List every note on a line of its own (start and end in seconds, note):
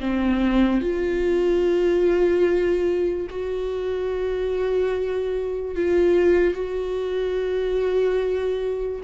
0.00 0.81 C4
0.81 3.28 F4
3.30 5.76 F#4
5.76 6.55 F4
6.55 9.01 F#4